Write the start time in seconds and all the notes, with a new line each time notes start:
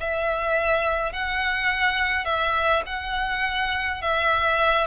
0.00 E5
1.12 F#5
2.25 E5
2.86 F#5
4.02 E5